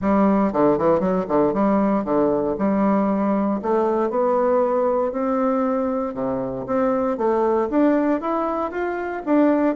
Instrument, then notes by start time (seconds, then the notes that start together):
bassoon
0.01 G3
0.52 D3
0.78 E3
1.00 F#3
1.28 D3
1.53 G3
2.04 D3
2.58 G3
3.62 A3
4.10 B3
5.12 C4
6.14 C3
6.66 C4
7.17 A3
7.70 D4
8.21 E4
8.71 F4
9.25 D4